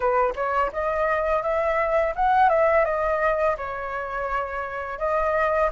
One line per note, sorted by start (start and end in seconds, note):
0.00 0.33 B4
0.35 0.71 C#5
0.72 1.42 D#5
1.42 2.14 E5
2.15 2.49 F#5
2.49 2.84 E5
2.84 3.56 D#5
3.57 4.98 C#5
4.98 5.70 D#5